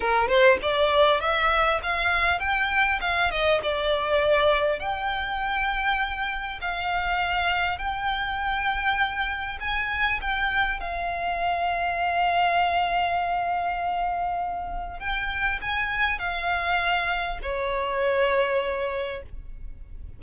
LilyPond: \new Staff \with { instrumentName = "violin" } { \time 4/4 \tempo 4 = 100 ais'8 c''8 d''4 e''4 f''4 | g''4 f''8 dis''8 d''2 | g''2. f''4~ | f''4 g''2. |
gis''4 g''4 f''2~ | f''1~ | f''4 g''4 gis''4 f''4~ | f''4 cis''2. | }